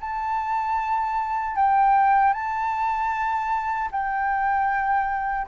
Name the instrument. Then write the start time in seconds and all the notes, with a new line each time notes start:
flute
0.00 A5
1.56 G5
2.33 A5
3.91 G5